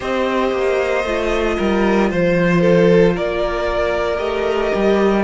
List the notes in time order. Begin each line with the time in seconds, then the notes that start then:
0.00 C4 G4 C5 D#5
0.52 A#3
1.04 A3 F4
1.57 G3 A#4
2.10 F3 C5
2.60 A4
3.14 A#3 A#4 D5
4.18 A3 G4 D#5
4.75 G3